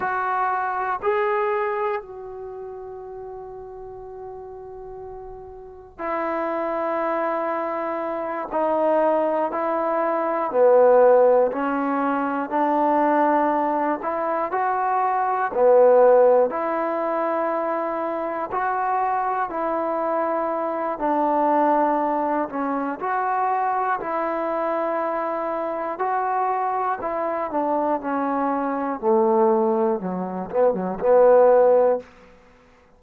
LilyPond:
\new Staff \with { instrumentName = "trombone" } { \time 4/4 \tempo 4 = 60 fis'4 gis'4 fis'2~ | fis'2 e'2~ | e'8 dis'4 e'4 b4 cis'8~ | cis'8 d'4. e'8 fis'4 b8~ |
b8 e'2 fis'4 e'8~ | e'4 d'4. cis'8 fis'4 | e'2 fis'4 e'8 d'8 | cis'4 a4 fis8 b16 fis16 b4 | }